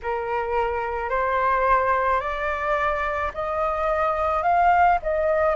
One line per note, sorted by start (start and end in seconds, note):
0.02 1.09 A#4
1.09 2.20 C5
2.20 3.31 D5
3.33 4.42 D#5
4.42 4.98 F5
5.02 5.55 D#5